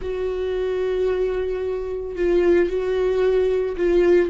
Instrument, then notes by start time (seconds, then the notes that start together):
viola
0.01 F#4
2.16 F4
2.69 F#4
3.76 F4